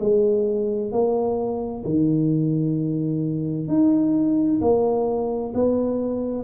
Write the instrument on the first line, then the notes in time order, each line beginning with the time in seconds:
tuba
0.00 G#3
0.92 A#3
1.85 D#3
3.68 D#4
4.61 A#3
5.55 B3